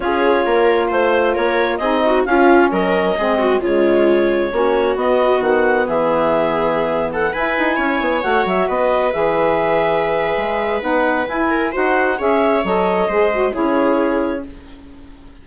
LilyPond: <<
  \new Staff \with { instrumentName = "clarinet" } { \time 4/4 \tempo 4 = 133 cis''2 c''4 cis''4 | dis''4 f''4 dis''2 | cis''2. dis''4 | fis''4 e''2~ e''8. fis''16~ |
fis''16 gis''2 fis''8 e''8 dis''8.~ | dis''16 e''2.~ e''8. | fis''4 gis''4 fis''4 e''4 | dis''2 cis''2 | }
  \new Staff \with { instrumentName = "viola" } { \time 4/4 gis'4 ais'4 c''4 ais'4 | gis'8 fis'8 f'4 ais'4 gis'8 fis'8 | f'2 fis'2~ | fis'4 gis'2~ gis'8. a'16~ |
a'16 b'4 cis''2 b'8.~ | b'1~ | b'4. ais'8 c''4 cis''4~ | cis''4 c''4 gis'2 | }
  \new Staff \with { instrumentName = "saxophone" } { \time 4/4 f'1 | dis'4 cis'2 c'4 | gis2 cis'4 b4~ | b1~ |
b16 e'2 fis'4.~ fis'16~ | fis'16 gis'2.~ gis'8. | dis'4 e'4 fis'4 gis'4 | a'4 gis'8 fis'8 e'2 | }
  \new Staff \with { instrumentName = "bassoon" } { \time 4/4 cis'4 ais4 a4 ais4 | c'4 cis'4 fis4 gis4 | cis2 ais4 b4 | dis4 e2.~ |
e16 e'8 dis'8 cis'8 b8 a8 fis8 b8.~ | b16 e2~ e8. gis4 | b4 e'4 dis'4 cis'4 | fis4 gis4 cis'2 | }
>>